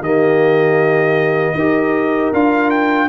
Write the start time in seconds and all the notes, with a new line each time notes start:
0.00 D#3 A#3 G4 D#5
1.54 D#4 G4 A#4
2.33 D4 F4 F5
2.70 G5